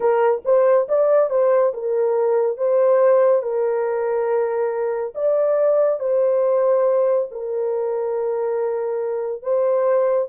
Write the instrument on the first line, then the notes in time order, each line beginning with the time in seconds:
horn
0.00 A#4
0.44 C5
0.88 D5
1.29 C5
1.73 A#4
2.57 C5
3.42 A#4
5.14 D5
5.99 C5
7.31 A#4
9.42 C5